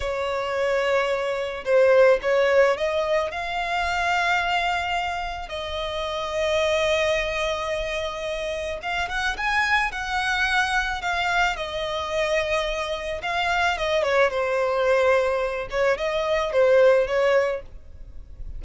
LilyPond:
\new Staff \with { instrumentName = "violin" } { \time 4/4 \tempo 4 = 109 cis''2. c''4 | cis''4 dis''4 f''2~ | f''2 dis''2~ | dis''1 |
f''8 fis''8 gis''4 fis''2 | f''4 dis''2. | f''4 dis''8 cis''8 c''2~ | c''8 cis''8 dis''4 c''4 cis''4 | }